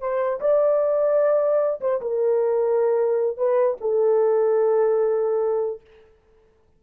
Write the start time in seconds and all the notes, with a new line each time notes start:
0.00 C5
0.40 D5
1.81 C5
2.01 A#4
3.37 B4
3.81 A4